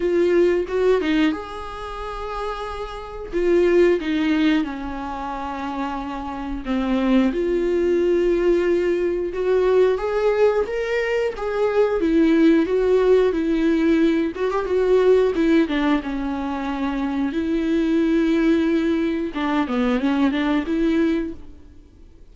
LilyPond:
\new Staff \with { instrumentName = "viola" } { \time 4/4 \tempo 4 = 90 f'4 fis'8 dis'8 gis'2~ | gis'4 f'4 dis'4 cis'4~ | cis'2 c'4 f'4~ | f'2 fis'4 gis'4 |
ais'4 gis'4 e'4 fis'4 | e'4. fis'16 g'16 fis'4 e'8 d'8 | cis'2 e'2~ | e'4 d'8 b8 cis'8 d'8 e'4 | }